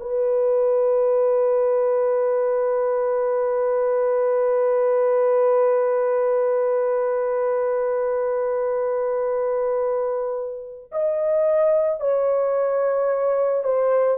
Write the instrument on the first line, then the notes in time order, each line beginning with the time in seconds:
horn
0.00 B4
10.92 D#5
12.00 C#5
13.64 C5